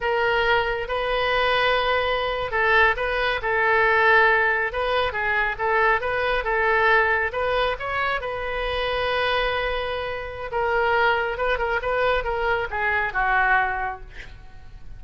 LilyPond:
\new Staff \with { instrumentName = "oboe" } { \time 4/4 \tempo 4 = 137 ais'2 b'2~ | b'4.~ b'16 a'4 b'4 a'16~ | a'2~ a'8. b'4 gis'16~ | gis'8. a'4 b'4 a'4~ a'16~ |
a'8. b'4 cis''4 b'4~ b'16~ | b'1 | ais'2 b'8 ais'8 b'4 | ais'4 gis'4 fis'2 | }